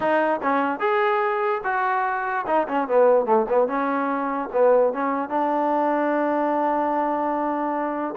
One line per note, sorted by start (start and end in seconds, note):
0.00 0.40 D#4
0.42 0.79 C#4
0.79 1.61 G#4
1.64 2.45 F#4
2.47 2.67 D#4
2.68 2.88 C#4
2.88 3.25 B3
3.25 3.46 A3
3.49 3.67 B3
3.67 4.49 C#4
4.52 4.93 B3
4.93 5.29 C#4
5.29 8.14 D4